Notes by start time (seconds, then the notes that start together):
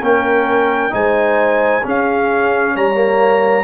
0.00 A#3 C#4 A#4 G5
0.90 G#3 D#4 C5 G#5
1.83 C#4 G#4 F5
2.73 G3 C#5 A#5
2.94 A#3